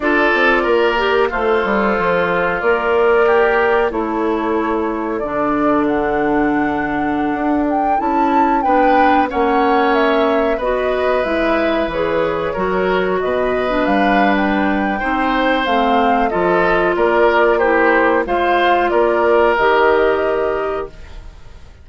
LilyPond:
<<
  \new Staff \with { instrumentName = "flute" } { \time 4/4 \tempo 4 = 92 d''2 c''2 | d''2 cis''2 | d''4 fis''2~ fis''8. g''16~ | g''16 a''4 g''4 fis''4 e''8.~ |
e''16 dis''4 e''4 cis''4.~ cis''16~ | cis''16 dis''4 f''8. g''2 | f''4 dis''4 d''4 c''4 | f''4 d''4 dis''2 | }
  \new Staff \with { instrumentName = "oboe" } { \time 4/4 a'4 ais'4 f'2~ | f'4 g'4 a'2~ | a'1~ | a'4~ a'16 b'4 cis''4.~ cis''16~ |
cis''16 b'2. ais'8.~ | ais'16 b'2~ b'8. c''4~ | c''4 a'4 ais'4 g'4 | c''4 ais'2. | }
  \new Staff \with { instrumentName = "clarinet" } { \time 4/4 f'4. g'8 a'2 | ais'2 e'2 | d'1~ | d'16 e'4 d'4 cis'4.~ cis'16~ |
cis'16 fis'4 e'4 gis'4 fis'8.~ | fis'4 d'2 dis'4 | c'4 f'2 e'4 | f'2 g'2 | }
  \new Staff \with { instrumentName = "bassoon" } { \time 4/4 d'8 c'8 ais4 a8 g8 f4 | ais2 a2 | d2.~ d16 d'8.~ | d'16 cis'4 b4 ais4.~ ais16~ |
ais16 b4 gis4 e4 fis8.~ | fis16 b,4 g4.~ g16 c'4 | a4 f4 ais2 | gis4 ais4 dis2 | }
>>